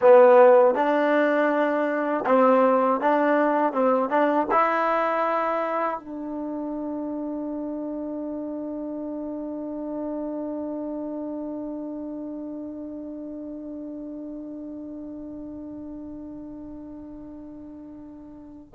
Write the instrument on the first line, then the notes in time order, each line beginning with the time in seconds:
trombone
0.01 B3
0.75 D4
2.25 C4
3.00 D4
3.72 C4
4.09 D4
4.51 E4
5.99 D4